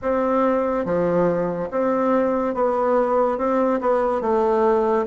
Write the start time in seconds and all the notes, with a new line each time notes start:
0.02 C4
0.85 F3
1.70 C4
2.54 B3
3.38 C4
3.80 B3
4.21 A3